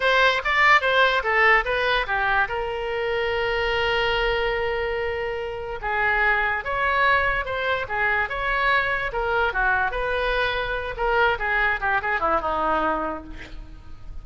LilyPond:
\new Staff \with { instrumentName = "oboe" } { \time 4/4 \tempo 4 = 145 c''4 d''4 c''4 a'4 | b'4 g'4 ais'2~ | ais'1~ | ais'2 gis'2 |
cis''2 c''4 gis'4 | cis''2 ais'4 fis'4 | b'2~ b'8 ais'4 gis'8~ | gis'8 g'8 gis'8 e'8 dis'2 | }